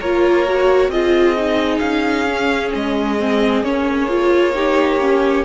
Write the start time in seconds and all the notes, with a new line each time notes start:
0.00 A#3 F4 A#4 C#5
0.46 F#4
0.88 C4 F4 G#4 D#5
1.36 D#4
1.78 C#4 F5
2.27 C#4
2.74 G#3 D#5
3.19 C4
3.63 A#3 C#4 C#5
4.08 F4
4.54 D#4 G4
5.00 C#4